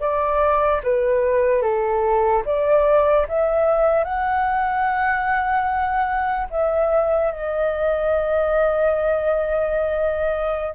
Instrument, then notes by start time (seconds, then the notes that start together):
flute
0.00 D5
0.83 B4
1.62 A4
2.45 D5
3.28 E5
4.04 F#5
6.50 E5
7.31 D#5